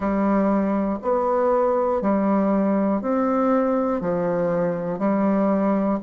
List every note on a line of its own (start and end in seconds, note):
0.00 0.99 G3
1.02 2.01 B3
2.01 3.01 G3
3.01 4.00 C4
4.00 4.99 F3
4.99 5.99 G3